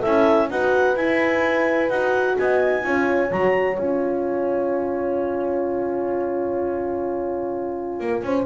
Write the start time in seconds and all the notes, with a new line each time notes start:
0.00 C#4 E4 A4 E5
0.50 D#4 F#4 B4 F#5
0.97 E4 G#5
1.90 D#4 F#4 F#5
2.39 B3 D#5 G#5
2.83 C#4 F4 C#5
3.31 F#3 F#4 A#5
3.77 C#4 F4 G#5
8.01 A#3
8.23 C#4 C5